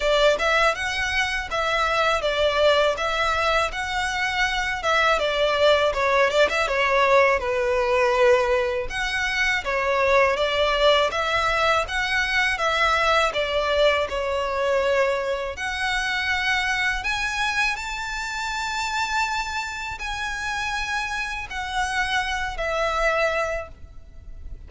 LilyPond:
\new Staff \with { instrumentName = "violin" } { \time 4/4 \tempo 4 = 81 d''8 e''8 fis''4 e''4 d''4 | e''4 fis''4. e''8 d''4 | cis''8 d''16 e''16 cis''4 b'2 | fis''4 cis''4 d''4 e''4 |
fis''4 e''4 d''4 cis''4~ | cis''4 fis''2 gis''4 | a''2. gis''4~ | gis''4 fis''4. e''4. | }